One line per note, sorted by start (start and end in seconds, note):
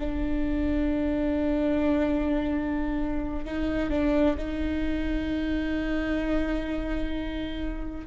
0.00 3.46 D4
3.46 3.91 D#4
3.91 4.37 D4
4.38 8.07 D#4